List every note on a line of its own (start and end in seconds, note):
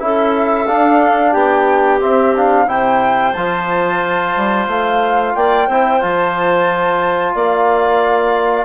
0.00 0.68 C#4
0.00 0.67 E4
0.00 1.32 A4
0.00 0.67 E5
0.67 2.00 D4
0.67 1.34 D4
0.67 1.33 F5
1.32 2.01 B3
1.32 2.66 G4
1.32 2.00 G5
2.00 2.34 C4
2.00 2.67 C4
2.00 2.36 E5
2.37 2.68 D4
2.37 2.69 F5
2.67 3.34 C3
2.67 3.34 E4
2.67 5.35 C5
2.67 3.34 G5
3.34 4.37 F3
3.34 5.70 F4
3.34 4.67 A5
4.37 4.68 G3
4.68 5.34 A3
4.68 5.36 F5
5.36 5.68 A#3
5.36 5.68 D5
5.36 6.02 G5
5.68 6.02 C4
5.68 6.01 E4
5.68 7.34 C5
6.01 7.35 F3
6.01 8.65 F4
6.01 7.36 A5
7.35 8.65 A#3
7.35 8.65 D5
7.35 8.65 F5